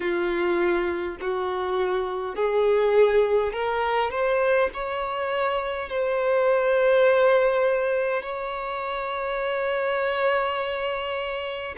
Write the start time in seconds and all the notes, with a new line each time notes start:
0.00 F4
1.20 F#4
2.35 G#4
3.52 A#4
4.10 C5
4.73 C#5
5.89 C5
8.22 C#5